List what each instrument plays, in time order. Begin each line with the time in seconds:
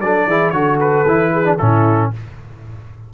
0.00 tuba F#3, trombone D4, horn A4, trumpet D5
0.26 tuba E3, trombone E4, horn G#4
0.50 tuba D3, trombone F#4, horn A4, trumpet C#5
0.80 trumpet B4
1.05 tuba E3, trombone E4
1.32 horn G#4
1.44 trombone D4
1.58 tuba A2, trombone C#4, horn E4, trumpet A4